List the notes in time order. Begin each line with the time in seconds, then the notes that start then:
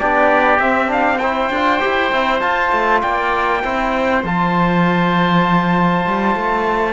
0.00 B3 D4 G4 D5
0.59 C4 E5
0.88 D4 F5
1.19 E4 C5 G5
1.50 D4 F4
1.80 E4 G4
2.13 C4 E4
2.41 F4 A5
2.73 A3
3.02 A#3 D5 G5
3.64 C4 E4 C5
4.24 F3 F4 A5
6.06 G3
6.36 A3